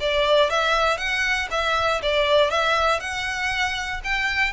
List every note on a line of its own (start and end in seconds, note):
0.00 0.50 D5
0.50 0.98 E5
0.98 1.48 F#5
1.51 2.01 E5
2.03 2.50 D5
2.50 3.00 E5
3.00 4.01 F#5
4.04 4.53 G5